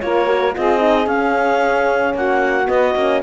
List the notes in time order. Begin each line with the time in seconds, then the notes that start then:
0.00 A#3 F4 A#4 C#5
0.26 F#4
0.55 C4 F4 G#4 D#5
0.78 D#4
1.07 C#4 F5
2.14 A#3 F#4 F#5
2.67 B3 D#5
2.96 A#3 C#4